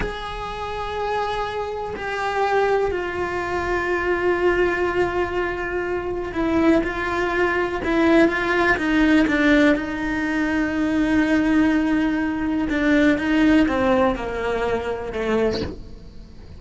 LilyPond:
\new Staff \with { instrumentName = "cello" } { \time 4/4 \tempo 4 = 123 gis'1 | g'2 f'2~ | f'1~ | f'4 e'4 f'2 |
e'4 f'4 dis'4 d'4 | dis'1~ | dis'2 d'4 dis'4 | c'4 ais2 a4 | }